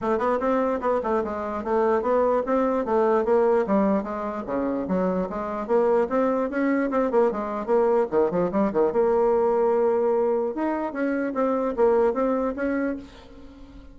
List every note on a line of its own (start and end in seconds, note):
0.01 0.18 A3
0.18 0.38 B3
0.40 0.80 C4
0.80 1.01 B3
1.03 1.23 A3
1.23 1.64 G#3
1.64 2.02 A3
2.02 2.42 B3
2.45 2.85 C4
2.85 3.25 A3
3.25 3.65 A#3
3.67 4.03 G3
4.03 4.43 G#3
4.46 4.86 C#3
4.88 5.28 F#3
5.29 5.67 G#3
5.67 6.07 A#3
6.09 6.50 C4
6.50 6.90 C#4
6.90 7.11 C4
7.11 7.31 A#3
7.31 7.65 G#3
7.65 8.06 A#3
8.10 8.30 D#3
8.30 8.51 F3
8.51 8.72 G3
8.73 8.92 D#3
8.92 10.54 A#3
10.55 10.92 D#4
10.92 11.33 C#4
11.34 11.74 C4
11.76 12.13 A#3
12.13 12.54 C4
12.56 12.96 C#4